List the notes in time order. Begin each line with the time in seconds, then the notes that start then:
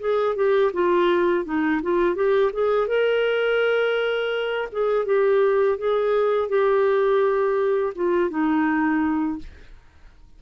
0.00 G#4
0.35 G4
0.73 F4
1.45 D#4
1.82 F4
2.15 G4
2.52 G#4
2.87 A#4
4.72 G#4
5.05 G4
5.78 G#4
6.48 G4
7.95 F4
8.30 D#4